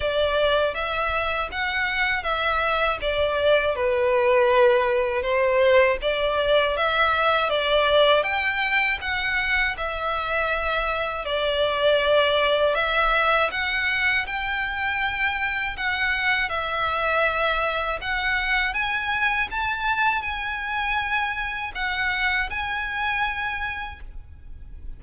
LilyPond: \new Staff \with { instrumentName = "violin" } { \time 4/4 \tempo 4 = 80 d''4 e''4 fis''4 e''4 | d''4 b'2 c''4 | d''4 e''4 d''4 g''4 | fis''4 e''2 d''4~ |
d''4 e''4 fis''4 g''4~ | g''4 fis''4 e''2 | fis''4 gis''4 a''4 gis''4~ | gis''4 fis''4 gis''2 | }